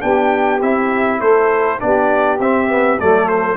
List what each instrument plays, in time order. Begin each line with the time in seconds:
0.00 tuba B3, trombone D4, saxophone G4, trumpet G5
0.62 tuba C4, trombone E4, trumpet E5
1.20 tuba A3, saxophone A4, trumpet C5
1.79 tuba B3, trombone D4, saxophone G4, trumpet D5
2.39 tuba C4, trombone C4, trumpet E5
2.68 trombone B3
2.99 tuba F#3, trombone A3, saxophone A4, trumpet D5
3.28 trumpet C5